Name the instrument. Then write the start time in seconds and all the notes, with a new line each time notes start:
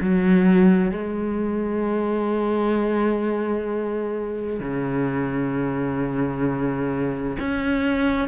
cello
0.00 F#3
0.91 G#3
4.59 C#3
7.39 C#4